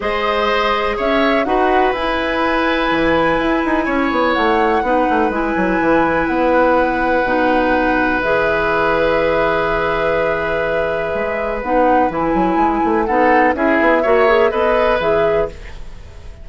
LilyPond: <<
  \new Staff \with { instrumentName = "flute" } { \time 4/4 \tempo 4 = 124 dis''2 e''4 fis''4 | gis''1~ | gis''4 fis''2 gis''4~ | gis''4 fis''2.~ |
fis''4 e''2.~ | e''1 | fis''4 gis''2 fis''4 | e''2 dis''4 e''4 | }
  \new Staff \with { instrumentName = "oboe" } { \time 4/4 c''2 cis''4 b'4~ | b'1 | cis''2 b'2~ | b'1~ |
b'1~ | b'1~ | b'2. a'4 | gis'4 cis''4 b'2 | }
  \new Staff \with { instrumentName = "clarinet" } { \time 4/4 gis'2. fis'4 | e'1~ | e'2 dis'4 e'4~ | e'2. dis'4~ |
dis'4 gis'2.~ | gis'1 | dis'4 e'2 dis'4 | e'4 fis'8 gis'8 a'4 gis'4 | }
  \new Staff \with { instrumentName = "bassoon" } { \time 4/4 gis2 cis'4 dis'4 | e'2 e4 e'8 dis'8 | cis'8 b8 a4 b8 a8 gis8 fis8 | e4 b2 b,4~ |
b,4 e2.~ | e2. gis4 | b4 e8 fis8 gis8 a8 b4 | cis'8 b8 ais4 b4 e4 | }
>>